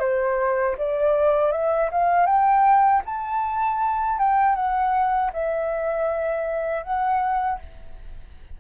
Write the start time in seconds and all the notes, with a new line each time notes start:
0.00 C5
0.78 D5
1.52 E5
1.92 F5
2.26 G5
3.06 A5
4.19 G5
4.55 F#5
5.33 E5
6.83 F#5